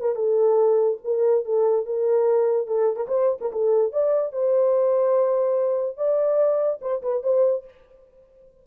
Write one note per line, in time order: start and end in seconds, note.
0.00 0.16 A#4
0.16 0.98 A4
1.05 1.45 A#4
1.45 1.86 A4
1.86 2.67 A#4
2.67 2.96 A4
2.96 3.07 A#4
3.08 3.39 C5
3.41 3.52 A#4
3.52 3.93 A4
3.93 4.32 D5
4.32 5.97 C5
5.97 6.80 D5
6.81 7.02 C5
7.03 7.23 B4
7.24 7.65 C5